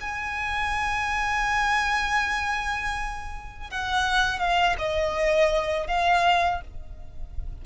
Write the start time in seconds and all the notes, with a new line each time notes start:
0.00 G#5
3.70 F#5
4.39 F5
4.78 D#5
5.87 F5